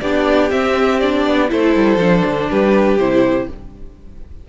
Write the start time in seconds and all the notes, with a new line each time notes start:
0.00 B3 D4 G4 D5
0.50 C4 E5
1.00 D4 D5
1.27 B3
1.49 A3 E4 A4 C5
1.76 G3
1.98 F3 D4
2.25 D3
2.49 G3 G4 B4
2.97 C3 E4 C5